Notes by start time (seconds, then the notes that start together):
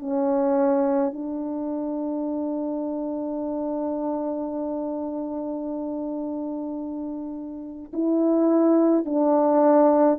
0.00 C#4
1.13 D4
7.93 E4
9.06 D4